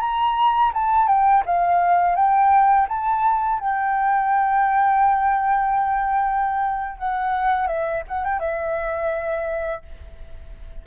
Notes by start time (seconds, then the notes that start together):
0.00 A#5
0.73 A5
1.07 G5
1.45 F5
2.15 G5
2.88 A5
3.59 G5
6.98 F#5
7.67 E5
8.08 F#5
8.24 G5
8.39 E5